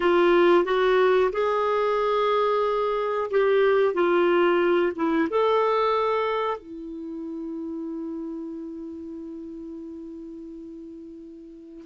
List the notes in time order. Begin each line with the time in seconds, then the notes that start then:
0.00 F4
0.64 F#4
1.32 G#4
3.30 G4
3.94 F4
4.95 E4
5.30 A4
6.57 E4